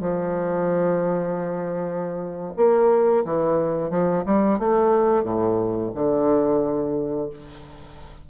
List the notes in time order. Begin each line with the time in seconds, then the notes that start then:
0.00 F3
2.56 A#3
3.24 E3
3.90 F3
4.25 G3
4.59 A3
5.23 A2
5.94 D3